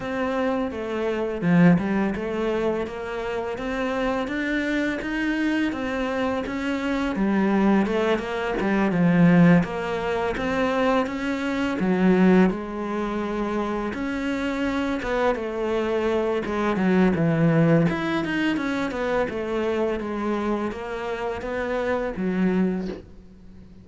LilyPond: \new Staff \with { instrumentName = "cello" } { \time 4/4 \tempo 4 = 84 c'4 a4 f8 g8 a4 | ais4 c'4 d'4 dis'4 | c'4 cis'4 g4 a8 ais8 | g8 f4 ais4 c'4 cis'8~ |
cis'8 fis4 gis2 cis'8~ | cis'4 b8 a4. gis8 fis8 | e4 e'8 dis'8 cis'8 b8 a4 | gis4 ais4 b4 fis4 | }